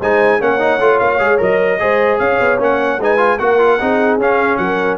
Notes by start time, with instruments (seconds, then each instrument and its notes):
0.00 tuba G#3, trombone D#4, horn C5, trumpet G#5
0.40 tuba A#3, trombone C#4, horn C#5, trumpet F#5
0.59 trombone D#4
0.79 tuba A3, trombone F4
0.99 tuba A#3, trumpet F5
1.19 tuba G#3, trombone G#4
1.38 tuba F#3, trombone A#4, trumpet D#5
1.79 tuba G#3, trombone G#4, horn C5
2.19 tuba C#4, horn C#5, trumpet F5
2.40 tuba B3
2.58 tuba A#3, trombone C#4, trumpet F#5
2.98 tuba G#3, trombone D#4, horn B4, trumpet G#5
3.17 trombone F4
3.38 tuba A#3, trombone F#4, horn A#4, trumpet F#5
3.59 trombone F4
3.80 tuba C4, trombone D#4, horn G#4
4.17 tuba C#4, trombone C#4, trumpet F5
4.57 tuba F#3, horn A#4, trumpet F#5